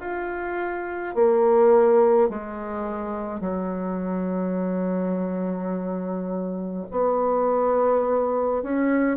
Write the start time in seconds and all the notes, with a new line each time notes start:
0.00 F4
1.14 A#3
2.29 G#3
3.40 F#3
6.90 B3
8.62 C#4